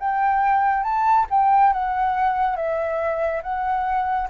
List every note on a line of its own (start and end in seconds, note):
0.00 0.84 G5
0.84 1.27 A5
1.31 1.73 G5
1.73 2.56 F#5
2.56 3.42 E5
3.43 4.29 F#5